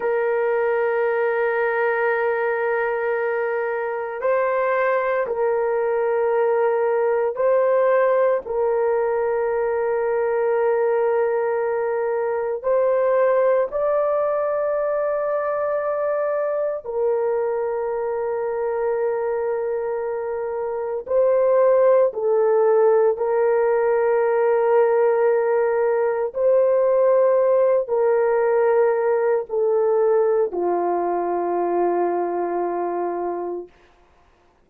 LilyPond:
\new Staff \with { instrumentName = "horn" } { \time 4/4 \tempo 4 = 57 ais'1 | c''4 ais'2 c''4 | ais'1 | c''4 d''2. |
ais'1 | c''4 a'4 ais'2~ | ais'4 c''4. ais'4. | a'4 f'2. | }